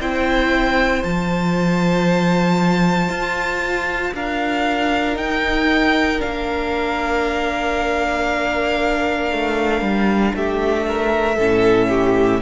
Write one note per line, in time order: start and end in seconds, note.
0.00 1.04 C4
0.00 1.04 E4
0.00 4.14 C5
0.00 1.04 G5
1.04 3.09 F3
1.04 5.14 F4
1.04 4.14 A5
3.09 4.12 F4
4.14 5.17 D4
4.14 10.35 A#4
4.14 5.18 F5
5.14 6.17 D#4
5.14 6.20 D#4
5.14 6.21 G5
6.19 9.32 A#3
6.19 11.36 D4
6.19 10.35 F5
9.32 9.81 A3
9.81 10.33 G3
10.35 11.38 A3
10.35 10.87 G4
10.35 12.42 E5
10.87 11.36 A#4
11.36 12.42 A2
11.36 12.42 C#4
11.36 11.88 A4
11.89 12.41 G4